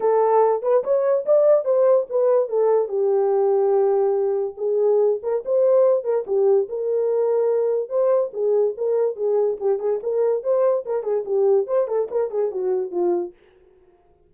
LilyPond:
\new Staff \with { instrumentName = "horn" } { \time 4/4 \tempo 4 = 144 a'4. b'8 cis''4 d''4 | c''4 b'4 a'4 g'4~ | g'2. gis'4~ | gis'8 ais'8 c''4. ais'8 g'4 |
ais'2. c''4 | gis'4 ais'4 gis'4 g'8 gis'8 | ais'4 c''4 ais'8 gis'8 g'4 | c''8 a'8 ais'8 gis'8 fis'4 f'4 | }